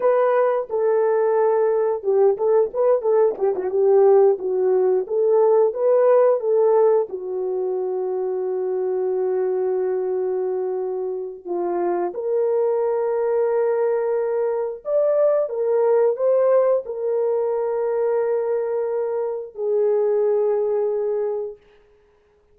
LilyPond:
\new Staff \with { instrumentName = "horn" } { \time 4/4 \tempo 4 = 89 b'4 a'2 g'8 a'8 | b'8 a'8 g'16 fis'16 g'4 fis'4 a'8~ | a'8 b'4 a'4 fis'4.~ | fis'1~ |
fis'4 f'4 ais'2~ | ais'2 d''4 ais'4 | c''4 ais'2.~ | ais'4 gis'2. | }